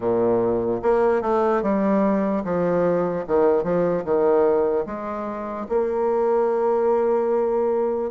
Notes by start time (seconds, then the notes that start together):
0.00 A#2
0.82 A#3
1.21 A3
1.62 G3
2.44 F3
3.27 D#3
3.63 F3
4.04 D#3
4.85 G#3
5.69 A#3